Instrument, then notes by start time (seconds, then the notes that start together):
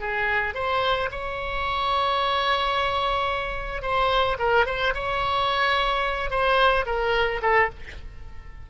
oboe
0.00 G#4
0.55 C5
1.11 C#5
3.82 C5
4.39 A#4
4.66 C5
4.94 C#5
6.30 C5
6.86 A#4
7.42 A4